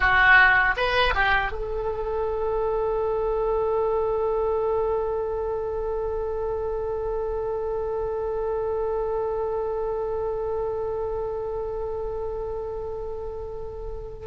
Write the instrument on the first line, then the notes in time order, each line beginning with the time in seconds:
oboe
0.00 F#4
0.76 B4
1.15 G4
1.51 A4